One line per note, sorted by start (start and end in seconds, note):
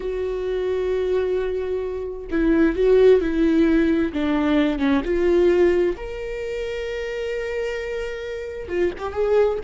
0.00 2.27 F#4
2.30 2.75 E4
2.75 3.21 F#4
3.21 4.12 E4
4.12 4.78 D4
4.78 5.01 C#4
5.04 5.95 F4
5.96 8.68 A#4
8.68 8.91 F4
8.98 9.12 G4
9.12 9.58 G#4